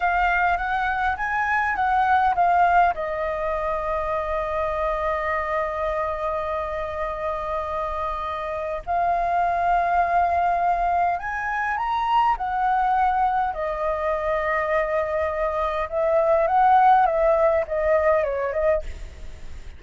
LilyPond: \new Staff \with { instrumentName = "flute" } { \time 4/4 \tempo 4 = 102 f''4 fis''4 gis''4 fis''4 | f''4 dis''2.~ | dis''1~ | dis''2. f''4~ |
f''2. gis''4 | ais''4 fis''2 dis''4~ | dis''2. e''4 | fis''4 e''4 dis''4 cis''8 dis''8 | }